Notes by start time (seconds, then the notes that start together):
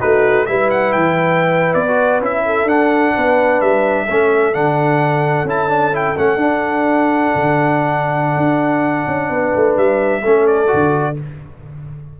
0.00 A3 D#4 F#4 B4
0.46 G3 E4 B4 E5
0.70 F#5
0.92 E3 G5
1.74 B3 D5
1.88 F#4
2.21 C#4 E4 E5
2.45 A4
2.64 D4 F#5
3.15 B3 B4
3.61 G3 E5
4.05 A3 C#4 A4
4.54 D3 D4 F#5
5.44 C#4 E4 A5
5.68 D4
5.92 E4 G5
6.16 A3 C#4 F#5
6.36 D4
7.35 D3
8.37 D4
9.07 C#4
9.30 B3 B4
9.56 A3
9.77 G3 E5
10.21 A3 C#4 A4
10.47 D5
10.67 F#4
10.73 D3